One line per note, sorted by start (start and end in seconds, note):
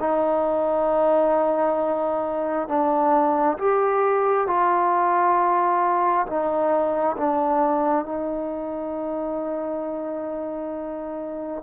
0.00 2.69 D#4
2.69 3.58 D4
3.59 4.47 G4
4.47 6.26 F4
6.27 7.17 D#4
7.18 8.06 D4
8.06 11.64 D#4